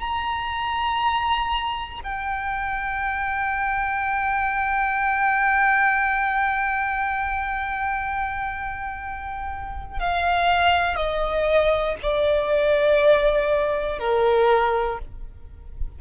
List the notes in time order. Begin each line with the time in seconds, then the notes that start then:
0.00 A#5
2.03 G5
9.99 F5
10.95 D#5
12.02 D5
13.99 A#4